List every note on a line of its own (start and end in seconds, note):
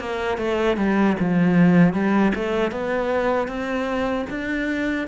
0.00 0.38 A#3
0.38 0.77 A3
0.78 1.17 G3
1.20 1.94 F3
1.94 2.33 G3
2.36 2.72 A3
2.72 3.49 B3
3.49 4.26 C4
4.30 5.08 D4